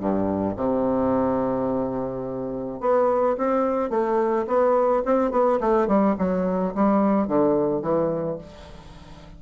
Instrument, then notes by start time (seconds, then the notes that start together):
bassoon
0.00 G2
0.56 C3
2.81 B3
3.38 C4
3.90 A3
4.47 B3
5.05 C4
5.31 B3
5.60 A3
5.88 G3
6.18 F#3
6.75 G3
7.28 D3
7.82 E3